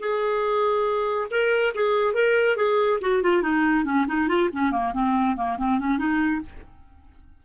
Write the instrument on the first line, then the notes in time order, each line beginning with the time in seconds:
clarinet
0.00 G#4
1.31 A#4
1.75 G#4
2.14 A#4
2.56 G#4
3.01 F#4
3.23 F4
3.43 D#4
3.85 C#4
4.08 D#4
4.28 F4
4.53 C#4
4.72 A#3
4.94 C4
5.36 A#3
5.58 C4
5.79 C#4
5.98 D#4